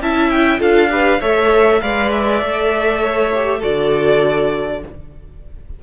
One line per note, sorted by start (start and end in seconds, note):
0.00 0.60 C#4
0.00 0.59 E4
0.00 0.59 E5
0.00 0.31 A5
0.31 0.61 G5
0.59 1.21 D4
0.59 0.89 F4
0.59 0.90 A4
0.59 1.22 F5
0.90 1.20 G4
0.90 1.21 B4
1.21 1.82 A3
1.21 1.82 A4
1.21 1.81 C#5
1.21 1.81 E5
1.81 2.42 G#3
1.81 2.41 B4
1.81 3.02 D5
1.81 2.11 F5
2.12 3.62 E5
2.41 3.62 A3
2.41 3.31 A4
3.02 3.59 C#5
3.34 3.61 G4
3.59 4.83 D3
3.59 4.81 F#4
3.59 4.79 A4
3.59 4.83 D5